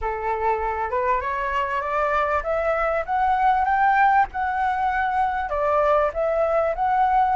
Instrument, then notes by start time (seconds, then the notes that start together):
flute
0.01 A4
0.90 B4
1.21 C#5
1.81 D5
2.43 E5
3.05 F#5
3.65 G5
4.32 F#5
5.49 D5
6.13 E5
6.75 F#5